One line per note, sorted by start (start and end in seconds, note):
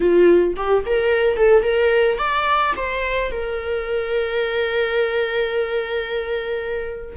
0.00 0.54 F4
0.56 0.84 G4
0.86 1.36 A#4
1.36 1.62 A4
1.62 2.17 A#4
2.18 2.73 D5
2.76 3.31 C5
3.31 7.16 A#4